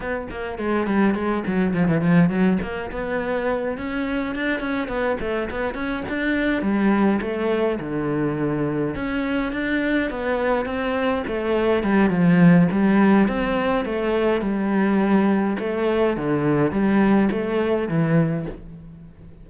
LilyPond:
\new Staff \with { instrumentName = "cello" } { \time 4/4 \tempo 4 = 104 b8 ais8 gis8 g8 gis8 fis8 f16 e16 f8 | fis8 ais8 b4. cis'4 d'8 | cis'8 b8 a8 b8 cis'8 d'4 g8~ | g8 a4 d2 cis'8~ |
cis'8 d'4 b4 c'4 a8~ | a8 g8 f4 g4 c'4 | a4 g2 a4 | d4 g4 a4 e4 | }